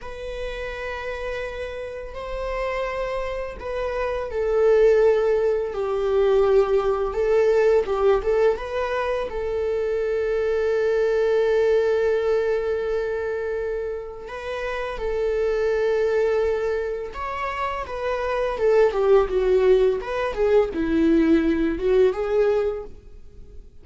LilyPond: \new Staff \with { instrumentName = "viola" } { \time 4/4 \tempo 4 = 84 b'2. c''4~ | c''4 b'4 a'2 | g'2 a'4 g'8 a'8 | b'4 a'2.~ |
a'1 | b'4 a'2. | cis''4 b'4 a'8 g'8 fis'4 | b'8 gis'8 e'4. fis'8 gis'4 | }